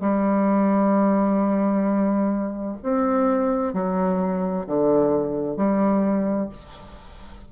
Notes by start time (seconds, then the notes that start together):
0.00 G3
2.83 C4
3.73 F#3
4.67 D3
5.56 G3